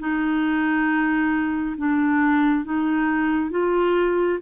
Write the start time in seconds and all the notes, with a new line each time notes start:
0.00 D#4
1.78 D4
2.65 D#4
3.51 F4